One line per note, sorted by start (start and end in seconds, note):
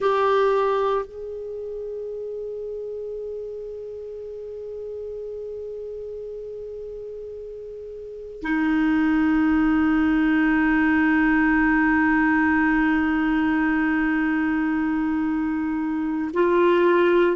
0.00 1.05 G4
1.05 8.42 G#4
8.42 16.31 D#4
16.33 17.36 F4